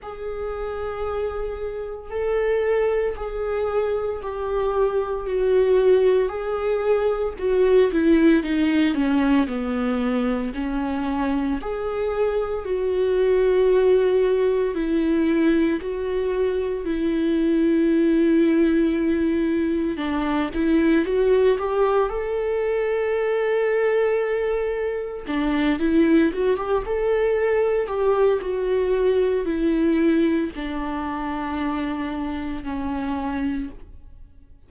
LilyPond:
\new Staff \with { instrumentName = "viola" } { \time 4/4 \tempo 4 = 57 gis'2 a'4 gis'4 | g'4 fis'4 gis'4 fis'8 e'8 | dis'8 cis'8 b4 cis'4 gis'4 | fis'2 e'4 fis'4 |
e'2. d'8 e'8 | fis'8 g'8 a'2. | d'8 e'8 fis'16 g'16 a'4 g'8 fis'4 | e'4 d'2 cis'4 | }